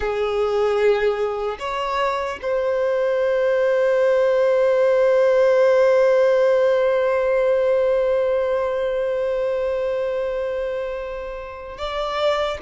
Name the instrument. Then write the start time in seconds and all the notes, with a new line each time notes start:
violin
0.00 G#4
1.59 C#5
2.42 C5
11.77 D5